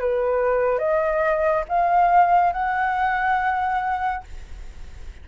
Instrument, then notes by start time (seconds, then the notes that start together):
flute
0.00 B4
0.79 D#5
1.69 F5
2.53 F#5